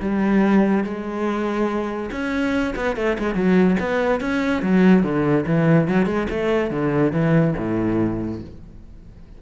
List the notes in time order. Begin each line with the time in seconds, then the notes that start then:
0.00 G3
0.84 G#3
2.11 C#4
2.75 B3
2.96 A3
3.18 G#3
3.34 F#3
3.80 B3
4.20 C#4
4.62 F#3
5.03 D3
5.46 E3
5.87 F#3
6.06 G#3
6.30 A3
6.70 D3
7.12 E3
7.57 A2